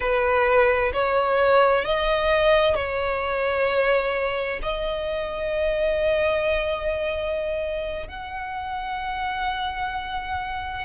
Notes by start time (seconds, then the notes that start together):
0.00 B4
0.93 C#5
1.84 D#5
2.75 C#5
4.62 D#5
8.07 F#5